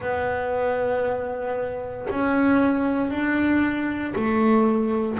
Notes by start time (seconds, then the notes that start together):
0.00 B3
2.09 C#4
3.10 D4
4.15 A3